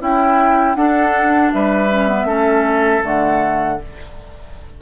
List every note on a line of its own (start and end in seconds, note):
0.00 0.76 C#4
0.00 0.75 E4
0.00 0.77 E4
0.00 0.75 G5
0.75 1.89 D4
0.75 1.52 D4
0.75 1.53 A4
0.75 1.51 F#5
1.52 2.24 G3
1.52 2.27 B4
1.52 3.04 E5
1.91 2.08 C#4
2.08 2.27 B3
2.24 3.00 A3
2.24 3.02 C#4
2.24 3.79 A4
3.02 3.80 D3
3.02 3.78 A3
3.02 3.81 F#5